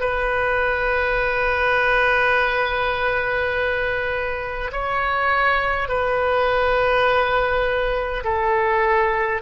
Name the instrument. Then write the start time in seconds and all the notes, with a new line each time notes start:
oboe
0.00 B4
4.72 C#5
5.88 B4
8.24 A4